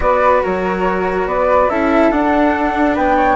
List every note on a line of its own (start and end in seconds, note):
0.00 0.41 B3
0.00 1.68 F#4
0.00 0.43 B4
0.00 0.43 D5
0.43 1.25 F#3
0.43 1.27 A#4
0.43 1.27 C#5
1.25 1.68 B3
1.25 1.70 B4
1.25 1.69 D5
1.69 2.10 C#4
1.69 2.12 E4
1.69 2.94 A4
1.69 2.11 E5
2.10 2.95 D4
2.10 3.36 D4
2.10 2.95 F#5
2.94 3.36 B3
2.94 3.15 B4
2.94 3.36 G5
3.16 3.36 C#5